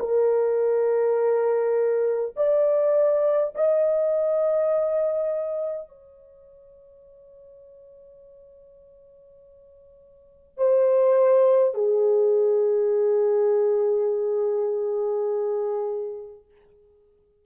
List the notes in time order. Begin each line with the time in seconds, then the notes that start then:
0.00 A#4
2.36 D5
3.56 D#5
5.89 C#5
10.58 C5
11.75 G#4